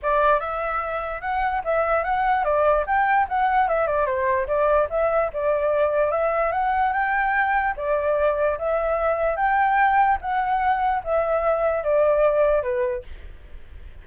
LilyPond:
\new Staff \with { instrumentName = "flute" } { \time 4/4 \tempo 4 = 147 d''4 e''2 fis''4 | e''4 fis''4 d''4 g''4 | fis''4 e''8 d''8 c''4 d''4 | e''4 d''2 e''4 |
fis''4 g''2 d''4~ | d''4 e''2 g''4~ | g''4 fis''2 e''4~ | e''4 d''2 b'4 | }